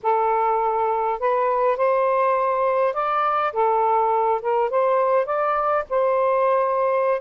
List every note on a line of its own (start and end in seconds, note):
0.02 1.19 A4
1.19 1.76 B4
1.76 2.93 C5
2.93 3.52 D5
3.52 4.41 A4
4.41 4.70 A#4
4.70 5.25 C5
5.25 5.84 D5
5.89 7.21 C5